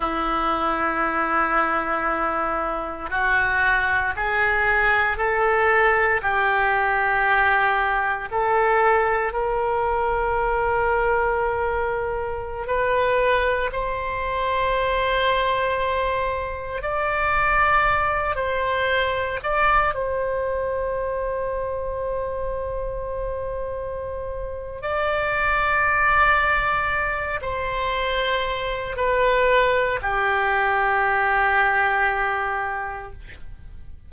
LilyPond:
\new Staff \with { instrumentName = "oboe" } { \time 4/4 \tempo 4 = 58 e'2. fis'4 | gis'4 a'4 g'2 | a'4 ais'2.~ | ais'16 b'4 c''2~ c''8.~ |
c''16 d''4. c''4 d''8 c''8.~ | c''1 | d''2~ d''8 c''4. | b'4 g'2. | }